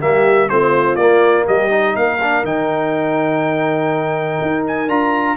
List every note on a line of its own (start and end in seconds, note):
0.00 0.50 G3
0.00 0.49 A#3
0.00 0.49 G4
0.00 0.49 E5
0.49 0.96 A3
0.49 0.99 C4
0.49 1.47 F4
0.49 0.96 C5
0.96 1.44 A#3
0.96 1.70 A#3
0.96 1.45 D5
1.47 1.96 G3
1.47 1.95 G4
1.47 1.96 D#5
1.70 2.19 D#4
1.95 2.44 A#3
1.95 5.36 A#4
1.95 2.45 F5
2.22 2.45 D4
2.44 4.39 D#3
2.44 4.89 D#4
2.44 4.65 G5
4.42 4.88 D#4
4.67 4.89 G#5
4.88 5.36 D4
4.88 5.36 F4
4.88 5.36 A#5